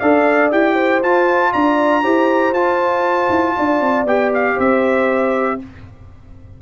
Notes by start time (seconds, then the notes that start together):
0.00 D4 A4 D5 F5
0.51 E4 G4 G5
0.74 C5
1.03 F4 A5
1.53 D4 D5 A#5
2.03 E4 G4 C5
2.52 F4 A5
3.30 E4
3.56 D4 D5
3.81 C4
4.05 B3 G4 G5
4.34 F5
4.55 C4 C5 E5